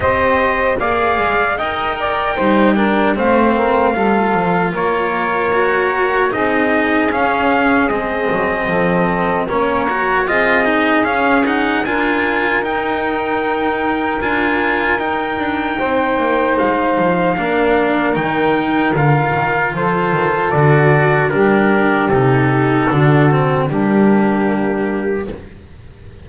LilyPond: <<
  \new Staff \with { instrumentName = "trumpet" } { \time 4/4 \tempo 4 = 76 dis''4 f''4 g''2 | f''2 cis''2 | dis''4 f''4 dis''2 | cis''4 dis''4 f''8 fis''8 gis''4 |
g''2 gis''4 g''4~ | g''4 f''2 g''4 | f''4 c''4 d''4 ais'4 | a'2 g'2 | }
  \new Staff \with { instrumentName = "saxophone" } { \time 4/4 c''4 d''4 dis''8 d''8 c''8 ais'8 | c''8 ais'8 a'4 ais'2 | gis'2. a'4 | ais'4 gis'2 ais'4~ |
ais'1 | c''2 ais'2~ | ais'4 a'2 g'4~ | g'4 fis'4 d'2 | }
  \new Staff \with { instrumentName = "cello" } { \time 4/4 g'4 gis'4 ais'4 dis'8 d'8 | c'4 f'2 fis'4 | dis'4 cis'4 c'2 | cis'8 fis'8 f'8 dis'8 cis'8 dis'8 f'4 |
dis'2 f'4 dis'4~ | dis'2 d'4 dis'4 | f'2 fis'4 d'4 | dis'4 d'8 c'8 ais2 | }
  \new Staff \with { instrumentName = "double bass" } { \time 4/4 c'4 ais8 gis8 dis'4 g4 | a4 g8 f8 ais2 | c'4 cis'4 gis8 fis8 f4 | ais4 c'4 cis'4 d'4 |
dis'2 d'4 dis'8 d'8 | c'8 ais8 gis8 f8 ais4 dis4 | d8 dis8 f8 dis8 d4 g4 | c4 d4 g2 | }
>>